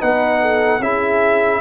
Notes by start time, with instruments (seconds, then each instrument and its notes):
0.00 tuba B3, trombone D#4, horn B4, trumpet F#5
0.42 horn A4
0.80 tuba C#4, trombone E4, horn G#4, trumpet E5